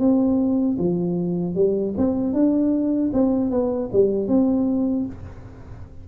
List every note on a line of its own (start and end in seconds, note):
0.00 0.78 C4
0.78 1.55 F3
1.55 1.94 G3
1.98 2.33 C4
2.33 3.11 D4
3.13 3.51 C4
3.51 3.90 B3
3.93 4.28 G3
4.28 5.06 C4